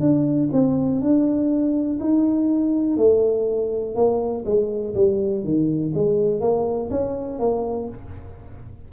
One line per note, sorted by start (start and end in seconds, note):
0.00 0.49 D4
0.52 1.01 C4
1.01 1.99 D4
2.00 2.97 D#4
2.97 3.95 A3
3.95 4.44 A#3
4.45 4.94 G#3
4.95 5.44 G3
5.44 5.93 D#3
5.95 6.41 G#3
6.41 6.90 A#3
6.91 7.39 C#4
7.39 7.89 A#3